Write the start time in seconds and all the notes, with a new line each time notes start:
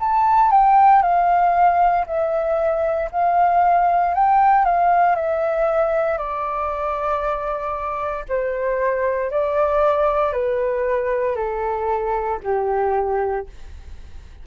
0.00 A5
0.51 G5
1.03 F5
2.06 E5
3.12 F5
4.14 G5
4.65 F5
5.16 E5
6.18 D5
8.29 C5
9.31 D5
10.33 B4
11.36 A4
12.43 G4